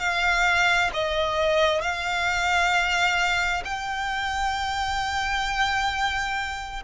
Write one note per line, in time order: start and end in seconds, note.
0.00 0.91 F5
0.94 1.82 D#5
1.82 3.64 F5
3.65 6.83 G5